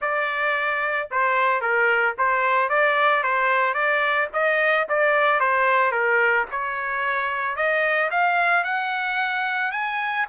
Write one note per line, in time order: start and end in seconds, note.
0.01 1.09 D5
1.10 1.61 C5
1.61 2.15 A#4
2.18 2.69 C5
2.69 3.23 D5
3.23 3.73 C5
3.73 4.28 D5
4.33 4.87 D#5
4.88 5.40 D5
5.40 5.91 C5
5.91 6.45 A#4
6.51 7.56 C#5
7.56 8.10 D#5
8.10 8.64 F5
8.64 9.71 F#5
9.71 10.26 G#5